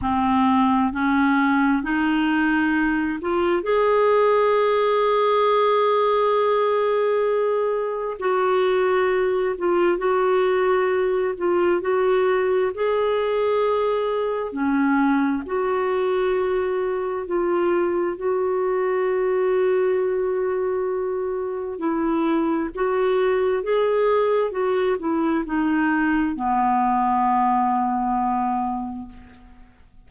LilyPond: \new Staff \with { instrumentName = "clarinet" } { \time 4/4 \tempo 4 = 66 c'4 cis'4 dis'4. f'8 | gis'1~ | gis'4 fis'4. f'8 fis'4~ | fis'8 f'8 fis'4 gis'2 |
cis'4 fis'2 f'4 | fis'1 | e'4 fis'4 gis'4 fis'8 e'8 | dis'4 b2. | }